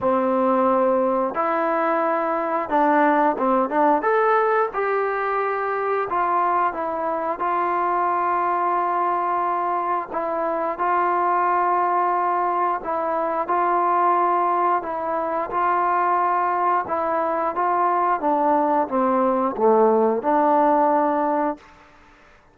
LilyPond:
\new Staff \with { instrumentName = "trombone" } { \time 4/4 \tempo 4 = 89 c'2 e'2 | d'4 c'8 d'8 a'4 g'4~ | g'4 f'4 e'4 f'4~ | f'2. e'4 |
f'2. e'4 | f'2 e'4 f'4~ | f'4 e'4 f'4 d'4 | c'4 a4 d'2 | }